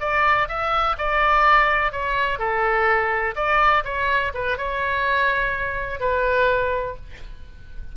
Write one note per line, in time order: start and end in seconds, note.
0.00 0.48 D5
0.48 0.96 E5
0.98 1.92 D5
1.92 2.39 C#5
2.39 3.35 A4
3.36 3.84 D5
3.84 4.32 C#5
4.34 4.58 B4
4.58 6.00 C#5
6.00 6.96 B4